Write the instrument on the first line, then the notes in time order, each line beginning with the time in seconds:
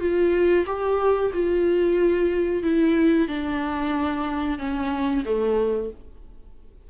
viola
0.00 F4
0.66 G4
1.33 F4
2.63 E4
3.28 D4
4.58 C#4
5.25 A3